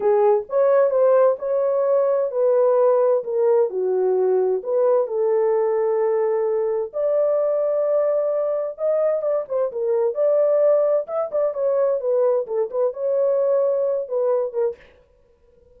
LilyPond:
\new Staff \with { instrumentName = "horn" } { \time 4/4 \tempo 4 = 130 gis'4 cis''4 c''4 cis''4~ | cis''4 b'2 ais'4 | fis'2 b'4 a'4~ | a'2. d''4~ |
d''2. dis''4 | d''8 c''8 ais'4 d''2 | e''8 d''8 cis''4 b'4 a'8 b'8 | cis''2~ cis''8 b'4 ais'8 | }